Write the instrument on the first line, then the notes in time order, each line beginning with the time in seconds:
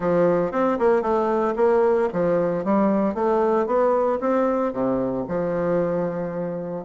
bassoon
0.00 F3
0.51 C4
0.78 A#3
1.01 A3
1.56 A#3
2.12 F3
2.64 G3
3.14 A3
3.66 B3
4.20 C4
4.72 C3
5.28 F3